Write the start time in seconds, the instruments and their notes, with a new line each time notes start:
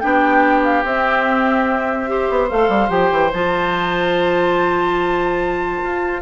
0.00 bassoon B3, clarinet D4, oboe G4, flute G5
0.64 flute F5
0.84 bassoon C4, clarinet C4, flute E5
2.07 clarinet G4, oboe C5
2.30 bassoon B3
2.49 bassoon A3, clarinet A4, flute F5
2.69 bassoon G3
2.89 bassoon F3, clarinet G4, flute G5
3.12 bassoon E3
3.33 bassoon F3, clarinet F4, flute A5
5.84 bassoon F4